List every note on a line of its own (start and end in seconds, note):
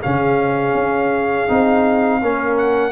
0.00 0.75 C#3
0.00 1.48 C#4
0.00 2.20 G#4
0.00 2.58 F5
0.75 1.48 C#4
1.48 2.22 C4
1.48 2.21 D#4
2.22 2.92 A#3
2.22 2.92 C#4
2.22 2.92 A#4
2.58 2.92 F#5